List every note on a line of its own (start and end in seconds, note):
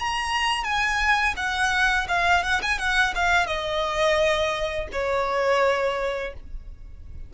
0.00 0.64 A#5
0.64 1.35 G#5
1.37 2.08 F#5
2.09 2.44 F5
2.44 2.62 F#5
2.62 2.79 G#5
2.79 3.14 F#5
3.15 3.47 F5
3.47 4.88 D#5
4.93 6.34 C#5